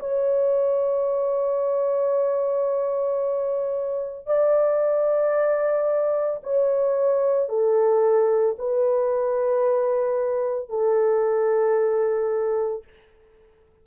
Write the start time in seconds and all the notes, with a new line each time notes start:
0.00 C#5
4.27 D5
6.43 C#5
7.49 A4
8.59 B4
10.69 A4